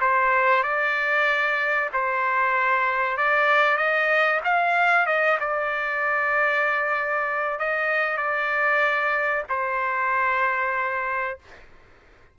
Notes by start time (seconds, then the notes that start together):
0.00 C5
0.63 D5
1.93 C5
3.17 D5
3.77 D#5
4.44 F5
5.06 D#5
5.40 D5
7.59 D#5
8.17 D5
9.49 C5